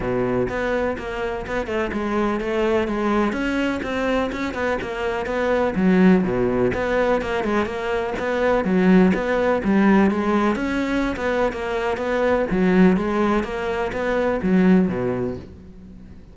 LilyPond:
\new Staff \with { instrumentName = "cello" } { \time 4/4 \tempo 4 = 125 b,4 b4 ais4 b8 a8 | gis4 a4 gis4 cis'4 | c'4 cis'8 b8 ais4 b4 | fis4 b,4 b4 ais8 gis8 |
ais4 b4 fis4 b4 | g4 gis4 cis'4~ cis'16 b8. | ais4 b4 fis4 gis4 | ais4 b4 fis4 b,4 | }